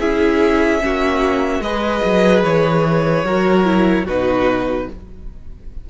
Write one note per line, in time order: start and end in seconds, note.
0.00 0.81 C#4
0.00 0.81 E4
0.00 0.81 G#4
0.00 1.62 E5
0.81 1.60 A#3
0.81 1.62 C#4
0.81 1.63 F#4
1.60 2.00 G#3
1.60 3.25 G#4
1.60 3.25 B4
1.60 2.43 D#5
2.05 2.44 F#3
2.43 3.24 E3
2.43 4.06 C#5
3.24 4.05 F#3
3.24 3.65 F#4
3.24 4.05 A#4
3.65 4.05 E4
4.05 4.87 B2
4.05 4.90 D#4
4.05 4.86 F#4
4.05 4.89 B4